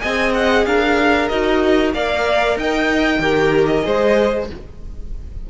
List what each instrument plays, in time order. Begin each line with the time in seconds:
0.00 cello C4, viola G#4, violin D#5 G#5
0.34 violin F#5
0.65 cello D4, violin A#4 F5
1.28 cello D#4, viola F#4, violin D#5
1.93 cello A#3, viola A#4, violin D5 F5
2.56 cello D#4, violin D#5 G5
3.19 cello D#3, viola G4, violin A#4
3.66 violin D#5
3.82 cello G#3, viola G#4, violin C5